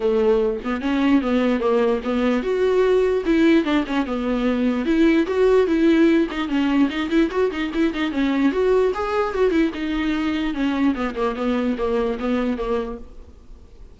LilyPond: \new Staff \with { instrumentName = "viola" } { \time 4/4 \tempo 4 = 148 a4. b8 cis'4 b4 | ais4 b4 fis'2 | e'4 d'8 cis'8 b2 | e'4 fis'4 e'4. dis'8 |
cis'4 dis'8 e'8 fis'8 dis'8 e'8 dis'8 | cis'4 fis'4 gis'4 fis'8 e'8 | dis'2 cis'4 b8 ais8 | b4 ais4 b4 ais4 | }